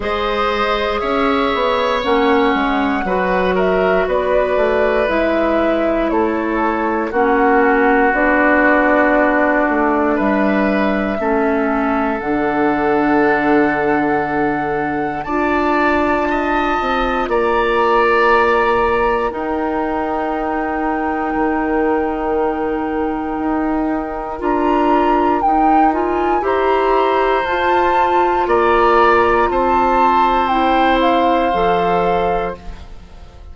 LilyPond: <<
  \new Staff \with { instrumentName = "flute" } { \time 4/4 \tempo 4 = 59 dis''4 e''4 fis''4. e''8 | d''4 e''4 cis''4 fis''4 | d''2 e''2 | fis''2. a''4~ |
a''4 ais''2 g''4~ | g''1 | ais''4 g''8 gis''8 ais''4 a''4 | ais''4 a''4 g''8 f''4. | }
  \new Staff \with { instrumentName = "oboe" } { \time 4/4 c''4 cis''2 b'8 ais'8 | b'2 a'4 fis'4~ | fis'2 b'4 a'4~ | a'2. d''4 |
dis''4 d''2 ais'4~ | ais'1~ | ais'2 c''2 | d''4 c''2. | }
  \new Staff \with { instrumentName = "clarinet" } { \time 4/4 gis'2 cis'4 fis'4~ | fis'4 e'2 cis'4 | d'2. cis'4 | d'2. f'4~ |
f'2. dis'4~ | dis'1 | f'4 dis'8 f'8 g'4 f'4~ | f'2 e'4 a'4 | }
  \new Staff \with { instrumentName = "bassoon" } { \time 4/4 gis4 cis'8 b8 ais8 gis8 fis4 | b8 a8 gis4 a4 ais4 | b4. a8 g4 a4 | d2. d'4~ |
d'8 c'8 ais2 dis'4~ | dis'4 dis2 dis'4 | d'4 dis'4 e'4 f'4 | ais4 c'2 f4 | }
>>